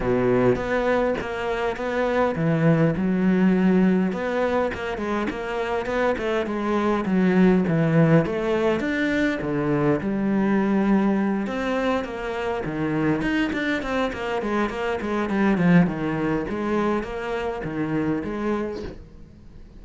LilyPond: \new Staff \with { instrumentName = "cello" } { \time 4/4 \tempo 4 = 102 b,4 b4 ais4 b4 | e4 fis2 b4 | ais8 gis8 ais4 b8 a8 gis4 | fis4 e4 a4 d'4 |
d4 g2~ g8 c'8~ | c'8 ais4 dis4 dis'8 d'8 c'8 | ais8 gis8 ais8 gis8 g8 f8 dis4 | gis4 ais4 dis4 gis4 | }